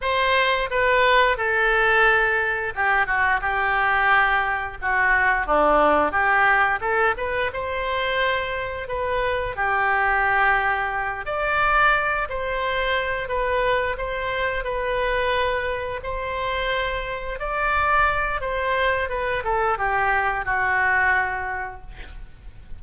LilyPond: \new Staff \with { instrumentName = "oboe" } { \time 4/4 \tempo 4 = 88 c''4 b'4 a'2 | g'8 fis'8 g'2 fis'4 | d'4 g'4 a'8 b'8 c''4~ | c''4 b'4 g'2~ |
g'8 d''4. c''4. b'8~ | b'8 c''4 b'2 c''8~ | c''4. d''4. c''4 | b'8 a'8 g'4 fis'2 | }